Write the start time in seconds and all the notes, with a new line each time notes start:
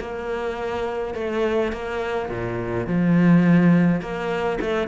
0.00 A#3
1.15 A3
1.72 A#3
2.29 A#2
2.87 F3
4.01 A#3
4.61 A3